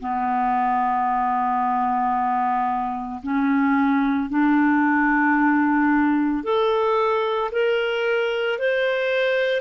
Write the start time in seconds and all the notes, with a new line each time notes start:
0.00 B3
3.22 C#4
4.29 D4
6.43 A4
7.51 A#4
8.59 C5